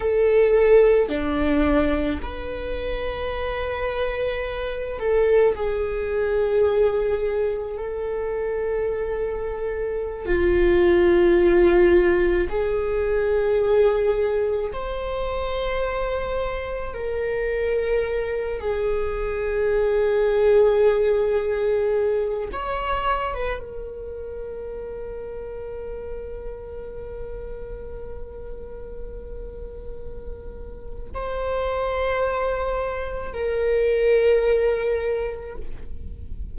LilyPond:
\new Staff \with { instrumentName = "viola" } { \time 4/4 \tempo 4 = 54 a'4 d'4 b'2~ | b'8 a'8 gis'2 a'4~ | a'4~ a'16 f'2 gis'8.~ | gis'4~ gis'16 c''2 ais'8.~ |
ais'8. gis'2.~ gis'16~ | gis'16 cis''8. b'16 ais'2~ ais'8.~ | ais'1 | c''2 ais'2 | }